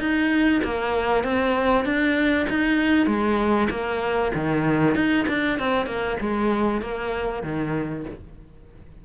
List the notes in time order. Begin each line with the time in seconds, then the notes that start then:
0.00 D#4
0.64 A#3
1.25 C4
1.85 D4
2.50 D#4
3.07 G#3
3.71 A#3
4.35 D#3
4.96 D#4
5.29 D4
5.60 C4
5.87 A#3
6.21 G#3
6.82 A#3
7.43 D#3